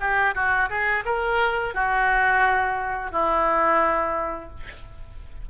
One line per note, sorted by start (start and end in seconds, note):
0.00 0.34 G4
0.35 0.69 F#4
0.70 1.04 G#4
1.05 1.74 A#4
1.74 3.12 F#4
3.12 4.50 E4